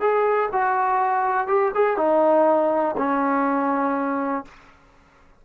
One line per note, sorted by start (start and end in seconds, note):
0.00 0.49 G#4
0.52 1.47 F#4
1.47 1.71 G4
1.74 1.97 G#4
1.97 2.95 D#4
2.97 4.45 C#4